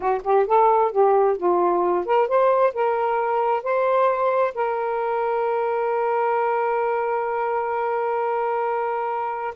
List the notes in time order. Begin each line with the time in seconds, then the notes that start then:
0.00 F#4
0.23 G4
0.46 A4
0.91 G4
1.37 F4
2.05 A#4
2.28 C5
2.73 A#4
3.63 C5
4.54 A#4